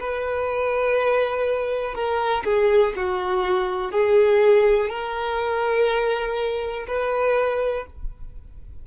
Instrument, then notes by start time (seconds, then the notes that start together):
violin
0.00 B4
1.95 A#4
2.45 G#4
2.96 F#4
3.92 G#4
4.90 A#4
6.88 B4